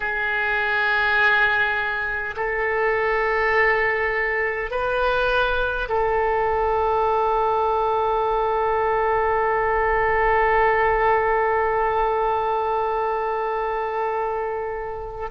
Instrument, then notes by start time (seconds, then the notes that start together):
oboe
0.00 G#4
2.36 A4
4.71 B4
5.88 A4